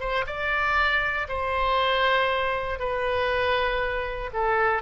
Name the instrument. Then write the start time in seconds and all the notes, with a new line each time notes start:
oboe
0.00 C5
0.26 D5
1.28 C5
2.79 B4
4.33 A4